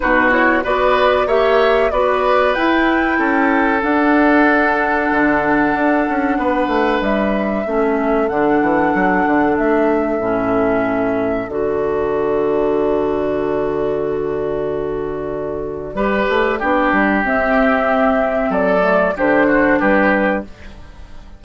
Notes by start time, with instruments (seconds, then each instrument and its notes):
0.00 bassoon B2, clarinet D#4, oboe F#4, flute B4
0.30 clarinet E4, flute C#5
0.63 bassoon B3, clarinet F#4, oboe B4, flute D5
1.26 bassoon A#3, clarinet G4, oboe C#5, flute E5
1.90 bassoon B3, clarinet F#4, oboe B4, flute D5
2.53 clarinet E4, bassoon E4, flute G5
3.18 bassoon C#4, oboe A4
3.80 clarinet D4, bassoon D4, flute F#5
5.11 bassoon D3
5.74 bassoon D4
6.09 bassoon C#4
6.37 bassoon B3, oboe B4
6.67 bassoon A3
7.01 bassoon G3, flute E5
7.66 bassoon A3, clarinet C#4, oboe A4
8.28 bassoon D3, clarinet D4, flute F#5
8.61 bassoon E3
8.94 bassoon F#3
9.26 bassoon D3
9.57 bassoon A3, flute E5
10.18 bassoon A2, clarinet C#4
11.48 bassoon D3, clarinet F#4, flute D5
15.93 bassoon G3, clarinet G4, oboe B4
16.29 bassoon A3
16.59 bassoon B3, clarinet D4, oboe G4
16.91 bassoon G3
17.24 bassoon C4, clarinet C4, flute E5
18.49 bassoon F#3, oboe A4, flute D5
18.80 clarinet A3
19.16 bassoon D3, clarinet D4, oboe G4, flute C5
19.46 oboe F#4
19.79 bassoon G3, oboe G4, flute B4